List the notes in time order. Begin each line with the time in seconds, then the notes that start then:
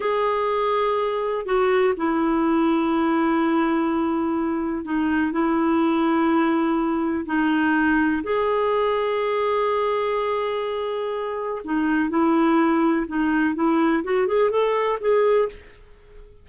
0.00 G#4
1.45 F#4
1.96 E4
4.85 D#4
5.31 E4
7.25 D#4
8.23 G#4
11.64 D#4
12.09 E4
13.07 D#4
13.54 E4
14.03 F#4
14.27 G#4
14.50 A4
15.00 G#4